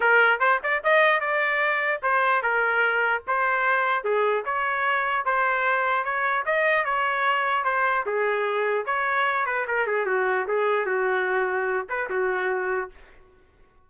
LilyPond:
\new Staff \with { instrumentName = "trumpet" } { \time 4/4 \tempo 4 = 149 ais'4 c''8 d''8 dis''4 d''4~ | d''4 c''4 ais'2 | c''2 gis'4 cis''4~ | cis''4 c''2 cis''4 |
dis''4 cis''2 c''4 | gis'2 cis''4. b'8 | ais'8 gis'8 fis'4 gis'4 fis'4~ | fis'4. b'8 fis'2 | }